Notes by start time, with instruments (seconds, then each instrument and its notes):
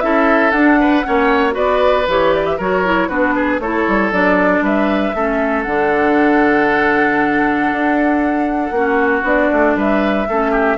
0.00 bassoon C#4, clarinet E4, oboe A4, flute E5
0.51 bassoon D4, clarinet D4, flute F#5
0.80 oboe B4
1.04 bassoon A#3, clarinet C#4, oboe C#5
1.51 bassoon B3, clarinet F#4, oboe B4, flute D5
2.07 bassoon E3, clarinet G4, flute C#5
2.34 flute D5
2.46 flute E5
2.58 bassoon F#3, clarinet F#4, oboe A#4, flute C#5
2.85 clarinet E4
3.09 bassoon B3, clarinet D4, oboe F#4, flute B4
3.35 oboe G#4
3.59 bassoon A3, clarinet E4, oboe A4, flute C#5
3.88 bassoon G3
4.12 bassoon F#3, clarinet D4, flute D5
4.61 bassoon G3, oboe B4, flute E5
5.15 bassoon A3, clarinet C#4, oboe A4
5.63 bassoon D3, clarinet D4, flute F#5
7.72 bassoon D4
8.71 bassoon A#3, clarinet C#4, oboe F#4
9.23 bassoon B3, clarinet D4, flute D5
9.52 bassoon A3
9.76 bassoon G3, oboe B4, flute E5
10.29 bassoon A3, clarinet C#4, oboe A4
10.51 oboe G4